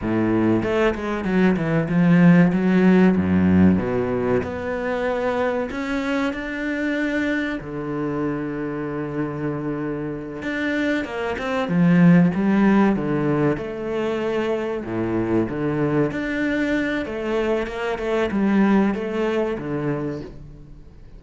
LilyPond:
\new Staff \with { instrumentName = "cello" } { \time 4/4 \tempo 4 = 95 a,4 a8 gis8 fis8 e8 f4 | fis4 fis,4 b,4 b4~ | b4 cis'4 d'2 | d1~ |
d8 d'4 ais8 c'8 f4 g8~ | g8 d4 a2 a,8~ | a,8 d4 d'4. a4 | ais8 a8 g4 a4 d4 | }